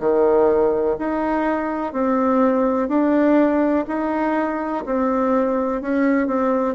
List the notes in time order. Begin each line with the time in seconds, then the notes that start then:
0.00 D#3
0.99 D#4
1.93 C4
2.89 D4
3.88 D#4
4.86 C4
5.82 C#4
6.27 C4